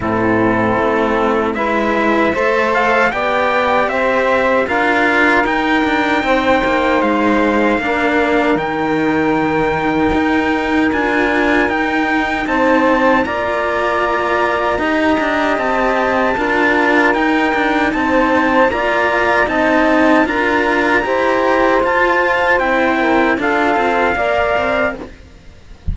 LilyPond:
<<
  \new Staff \with { instrumentName = "trumpet" } { \time 4/4 \tempo 4 = 77 a'2 e''4. f''8 | g''4 e''4 f''4 g''4~ | g''4 f''2 g''4~ | g''2 gis''4 g''4 |
a''4 ais''2. | a''2 g''4 a''4 | ais''4 a''4 ais''2 | a''4 g''4 f''2 | }
  \new Staff \with { instrumentName = "saxophone" } { \time 4/4 e'2 b'4 c''4 | d''4 c''4 ais'2 | c''2 ais'2~ | ais'1 |
c''4 d''2 dis''4~ | dis''4 ais'2 c''4 | d''4 dis''4 ais'4 c''4~ | c''4. ais'8 a'4 d''4 | }
  \new Staff \with { instrumentName = "cello" } { \time 4/4 c'2 e'4 a'4 | g'2 f'4 dis'4~ | dis'2 d'4 dis'4~ | dis'2 f'4 dis'4~ |
dis'4 f'2 g'4~ | g'4 f'4 dis'2 | f'4 dis'4 f'4 g'4 | f'4 e'4 f'4 ais'4 | }
  \new Staff \with { instrumentName = "cello" } { \time 4/4 a,4 a4 gis4 a4 | b4 c'4 d'4 dis'8 d'8 | c'8 ais8 gis4 ais4 dis4~ | dis4 dis'4 d'4 dis'4 |
c'4 ais2 dis'8 d'8 | c'4 d'4 dis'8 d'8 c'4 | ais4 c'4 d'4 e'4 | f'4 c'4 d'8 c'8 ais8 c'8 | }
>>